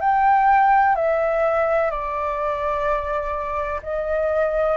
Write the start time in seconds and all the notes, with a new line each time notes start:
0.00 G5
0.95 E5
1.90 D5
3.83 D#5